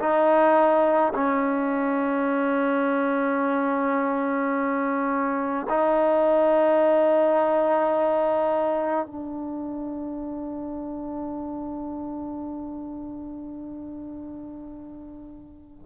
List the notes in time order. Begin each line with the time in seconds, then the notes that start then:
0.00 D#4
1.14 C#4
5.70 D#4
9.07 D4